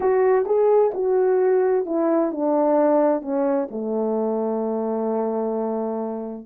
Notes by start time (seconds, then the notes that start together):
0.00 F#4
0.45 G#4
0.93 F#4
1.85 E4
2.31 D4
3.21 C#4
3.70 A3